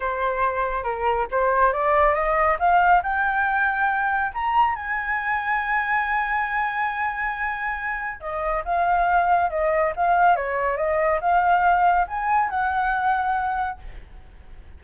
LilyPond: \new Staff \with { instrumentName = "flute" } { \time 4/4 \tempo 4 = 139 c''2 ais'4 c''4 | d''4 dis''4 f''4 g''4~ | g''2 ais''4 gis''4~ | gis''1~ |
gis''2. dis''4 | f''2 dis''4 f''4 | cis''4 dis''4 f''2 | gis''4 fis''2. | }